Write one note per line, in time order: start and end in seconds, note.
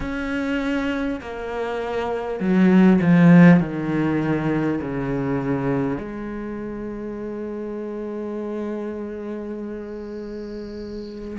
0.00 1.20 C#4
1.20 2.39 A#3
2.39 2.99 F#3
3.01 3.59 F3
3.59 4.79 D#3
4.81 5.98 C#3
5.98 11.38 G#3